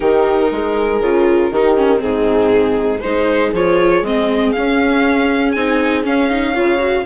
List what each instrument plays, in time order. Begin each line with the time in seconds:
0.00 bassoon D#3, viola D#4, horn G4, violin A#4
0.51 bassoon G#3, horn G#4
1.00 bassoon C#3, viola F4
1.50 bassoon D#3, viola D#4, horn G4
1.76 viola C#4
1.97 bassoon G#2, viola C4, horn D#4, violin G#4
3.00 bassoon G#3, viola D#4, horn G#4, violin C5
3.52 bassoon F3, viola F4, violin C#5
4.02 bassoon G#3, viola C4, violin D#5
4.52 viola C#4, bassoon C#4, violin F5
5.51 bassoon C4, viola D#4, violin G#5
6.03 viola C#4, bassoon C#4, violin F5
6.29 viola D#4
6.53 bassoon C#3, viola F4, horn C#5
6.78 viola F#4